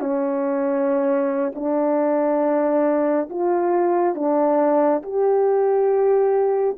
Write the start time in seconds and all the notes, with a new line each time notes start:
0.00 C#4
1.55 D4
3.30 F4
4.15 D4
5.03 G4